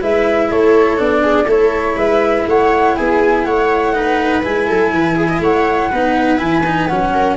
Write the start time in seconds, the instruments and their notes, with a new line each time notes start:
0.00 tuba G#3, cello E4, viola B4, flute E5
0.51 tuba A3, viola A4, flute C#5
0.97 tuba B3, cello D4, flute D5
1.22 viola G#4
1.46 tuba A3, cello E4, viola A4, flute C#5
1.96 tuba G#3, viola B4, flute E5
2.47 tuba A3, viola C#5, flute F#5
2.96 tuba B3, viola G#4, flute G#5
3.45 tuba A3, viola C#5, flute F#5
3.94 cello D#4, viola B4
4.43 tuba G#3, cello E4, flute G#5
4.68 tuba F#3, viola A4
4.92 tuba E3, viola B4
5.16 viola G#4
5.29 viola D#5
5.40 tuba A3, viola C#5, flute F#5
5.89 tuba B3, cello D#4, viola B4
6.38 tuba E3, cello E4, flute G#5
6.66 cello D#4
6.87 tuba F#3, cello C#4, flute F#5
7.14 viola A#4